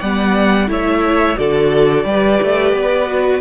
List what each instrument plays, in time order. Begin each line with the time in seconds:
0.00 cello G3, viola B3, violin D5 F#5
0.67 cello A3, viola E4, violin C#5 E5
1.36 cello D3, viola F#4, violin A4 D5
2.04 cello G3, viola G4, violin B4
2.42 cello A3
2.72 cello B3
3.06 viola F#4